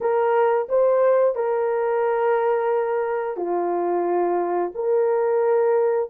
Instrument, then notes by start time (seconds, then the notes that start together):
horn
0.00 A#4
0.68 C5
1.35 A#4
3.36 F4
4.74 A#4